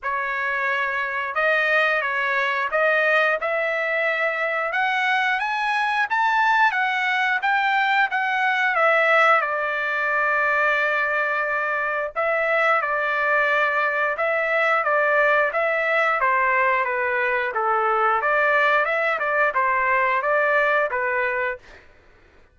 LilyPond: \new Staff \with { instrumentName = "trumpet" } { \time 4/4 \tempo 4 = 89 cis''2 dis''4 cis''4 | dis''4 e''2 fis''4 | gis''4 a''4 fis''4 g''4 | fis''4 e''4 d''2~ |
d''2 e''4 d''4~ | d''4 e''4 d''4 e''4 | c''4 b'4 a'4 d''4 | e''8 d''8 c''4 d''4 b'4 | }